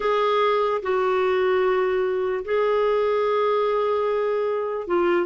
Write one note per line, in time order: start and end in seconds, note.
0.00 0.81 G#4
0.82 2.44 F#4
2.44 4.87 G#4
4.87 5.26 F4